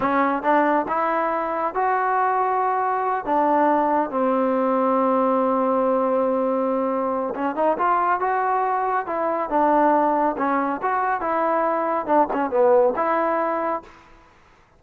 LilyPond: \new Staff \with { instrumentName = "trombone" } { \time 4/4 \tempo 4 = 139 cis'4 d'4 e'2 | fis'2.~ fis'8 d'8~ | d'4. c'2~ c'8~ | c'1~ |
c'4 cis'8 dis'8 f'4 fis'4~ | fis'4 e'4 d'2 | cis'4 fis'4 e'2 | d'8 cis'8 b4 e'2 | }